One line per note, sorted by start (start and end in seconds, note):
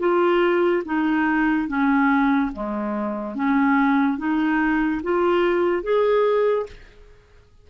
0.00 0.83 F4
0.85 1.69 D#4
1.69 2.52 C#4
2.53 3.35 G#3
3.35 4.19 C#4
4.19 5.02 D#4
5.04 5.83 F4
5.83 6.67 G#4